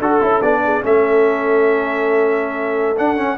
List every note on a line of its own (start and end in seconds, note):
0.00 0.20 D4
0.00 0.21 F#4
0.00 0.62 A4
0.00 0.42 A4
0.21 0.42 C#4
0.21 0.41 E4
0.42 0.82 B3
0.42 0.82 D4
0.42 0.83 D5
0.64 0.85 G#4
0.82 2.98 A3
0.82 2.96 C#4
0.82 3.38 A4
0.82 2.98 E5
2.97 3.17 D4
2.97 3.19 D4
2.97 3.38 F#5
3.17 3.37 C#4
3.17 3.38 C#4